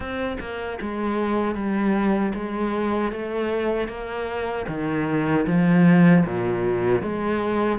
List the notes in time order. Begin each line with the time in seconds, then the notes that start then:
0.00 C4
0.39 A#3
0.81 G#3
1.54 G3
2.34 G#3
3.12 A3
3.87 A#3
4.68 D#3
5.46 F3
6.25 A#2
7.02 G#3